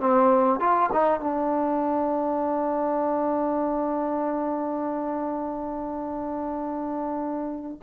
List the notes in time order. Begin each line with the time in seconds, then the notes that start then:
0.00 C4
0.60 F4
0.93 D#4
1.21 D4